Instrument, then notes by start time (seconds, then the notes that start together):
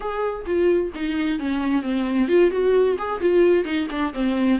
viola
0.00 G#4
0.45 F4
0.94 D#4
1.39 C#4
1.82 C4
2.28 F4
2.51 F#4
2.98 G#4
3.20 F4
3.64 D#4
3.90 D4
4.13 C4